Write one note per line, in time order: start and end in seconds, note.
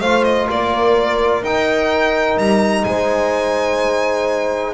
0.00 0.48 A3
0.00 1.44 F4
0.00 0.48 C5
0.00 0.24 F5
0.24 0.47 D#5
0.49 1.42 A#3
0.49 2.86 A#4
0.49 1.44 D5
1.42 2.37 D#4
1.42 4.74 D#4
1.42 2.38 G5
2.37 2.84 G3
2.37 2.84 A#5
2.84 4.74 G#3
2.84 4.74 C5
2.84 4.73 G#5